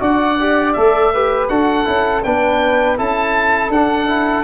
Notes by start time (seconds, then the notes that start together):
0.00 D4 F#4 D5 F#5
0.40 G4
0.73 A3 A4 E5
1.14 G4 B4
1.49 D4 F#4 A4 F#5
1.85 C#4 E4
2.24 B3 D4 B4 G5
2.98 C#4 E4 A4 A5
3.70 D4 F#5
4.08 E4